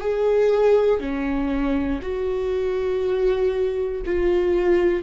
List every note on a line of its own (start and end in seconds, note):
0.00 1.00 G#4
1.00 2.00 C#4
2.02 4.02 F#4
4.05 5.02 F4